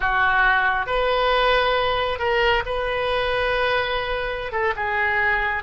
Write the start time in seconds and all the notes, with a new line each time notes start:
0.00 F#4
0.86 B4
2.19 A#4
2.65 B4
4.52 A4
4.75 G#4